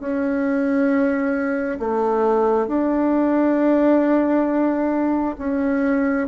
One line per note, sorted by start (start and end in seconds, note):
0.00 1.79 C#4
1.80 2.67 A3
2.67 5.36 D4
5.39 6.28 C#4